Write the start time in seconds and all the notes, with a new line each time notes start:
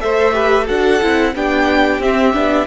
0.00 A3 A4 C5 E5
0.32 G4 B4
0.64 D4 F#4 A4 F#5
1.01 C4 E4
1.35 B3 D4 G4 G5
1.99 C4 E5
2.33 B3 D4